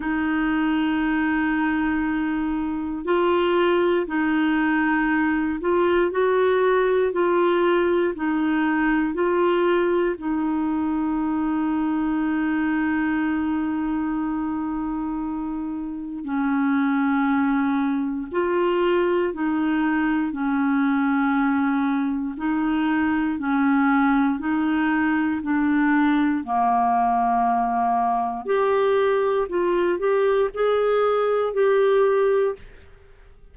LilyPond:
\new Staff \with { instrumentName = "clarinet" } { \time 4/4 \tempo 4 = 59 dis'2. f'4 | dis'4. f'8 fis'4 f'4 | dis'4 f'4 dis'2~ | dis'1 |
cis'2 f'4 dis'4 | cis'2 dis'4 cis'4 | dis'4 d'4 ais2 | g'4 f'8 g'8 gis'4 g'4 | }